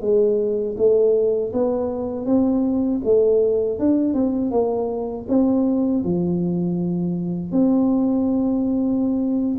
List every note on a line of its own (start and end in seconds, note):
0.00 0.75 G#3
0.77 1.52 A3
1.52 2.25 B3
2.25 3.00 C4
3.04 3.79 A3
3.79 4.13 D4
4.13 4.51 C4
4.51 5.26 A#3
5.28 6.03 C4
6.03 7.51 F3
7.51 9.58 C4